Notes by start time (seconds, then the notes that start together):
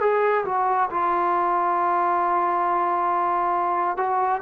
0.00 G#4
0.45 F#4
0.90 F4
3.97 F#4